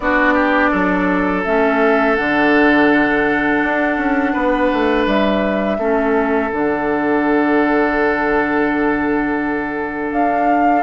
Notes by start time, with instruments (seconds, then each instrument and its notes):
0.00 bassoon B3, clarinet D4, oboe F#4, flute D5
0.34 oboe G4
0.70 bassoon F#3, oboe A4
1.44 bassoon A3, clarinet C#4, flute E5
2.15 bassoon D3, clarinet D4, flute F#5
3.63 bassoon D4
3.97 bassoon C#4
4.32 bassoon B3, oboe B4
4.73 bassoon A3
5.06 bassoon G3, flute E5
5.78 bassoon A3, clarinet C#4, oboe A4
6.51 bassoon D3, clarinet D4, flute F#5
10.11 bassoon D4, flute F5